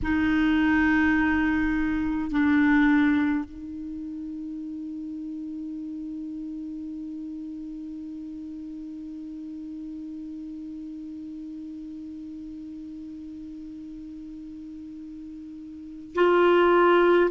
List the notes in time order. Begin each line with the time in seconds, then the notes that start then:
0.02 D#4
2.31 D4
3.44 D#4
16.14 F4